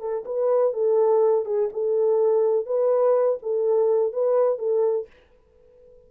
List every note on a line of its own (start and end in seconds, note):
0.00 0.24 A4
0.25 0.73 B4
0.73 1.45 A4
1.45 1.70 G#4
1.73 2.66 A4
2.66 3.38 B4
3.42 4.13 A4
4.13 4.59 B4
4.59 5.07 A4